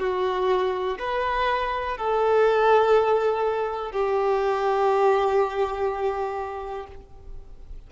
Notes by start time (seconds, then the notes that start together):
0.00 F#4
1.00 B4
1.98 A4
3.92 G4